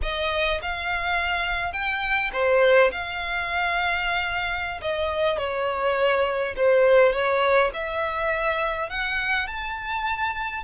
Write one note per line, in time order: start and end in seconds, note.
0.02 0.60 D#5
0.61 1.72 F5
1.72 2.31 G5
2.32 2.91 C5
2.91 4.80 F5
4.81 5.38 D#5
5.38 6.54 C#5
6.56 7.12 C5
7.12 7.71 C#5
7.73 8.89 E5
8.89 9.47 F#5
9.47 10.63 A5